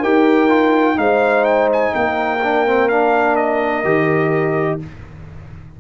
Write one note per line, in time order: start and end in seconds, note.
0.00 0.98 D#4
0.00 0.49 G4
0.00 0.95 A#4
0.00 0.98 G5
0.49 0.96 F4
0.96 1.93 G#3
0.96 2.39 D#4
0.96 1.95 C5
0.96 1.45 F5
1.45 1.69 G5
1.73 1.95 G#5
1.95 3.85 A#3
1.95 4.80 A#4
1.95 2.89 G5
2.44 2.66 D4
2.66 2.90 C4
2.89 3.85 D4
2.89 3.36 F5
3.36 4.79 D#5
3.85 4.80 D#3
3.85 4.80 G4